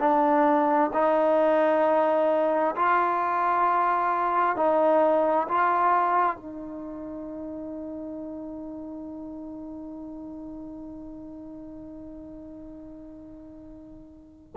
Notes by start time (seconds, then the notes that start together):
0.00 D4
0.94 D#4
2.76 F4
4.57 D#4
5.49 F4
6.37 D#4